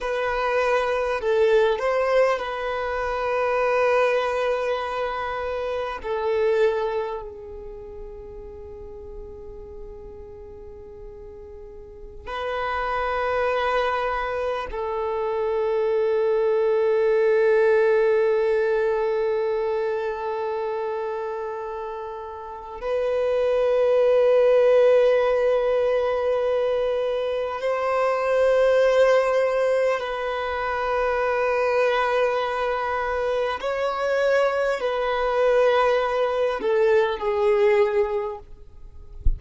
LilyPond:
\new Staff \with { instrumentName = "violin" } { \time 4/4 \tempo 4 = 50 b'4 a'8 c''8 b'2~ | b'4 a'4 gis'2~ | gis'2~ gis'16 b'4.~ b'16~ | b'16 a'2.~ a'8.~ |
a'2. b'4~ | b'2. c''4~ | c''4 b'2. | cis''4 b'4. a'8 gis'4 | }